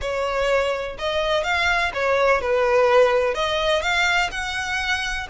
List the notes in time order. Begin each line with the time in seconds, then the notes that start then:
0.01 C#5
0.98 D#5
1.43 F5
1.94 C#5
2.41 B4
3.34 D#5
3.82 F5
4.31 F#5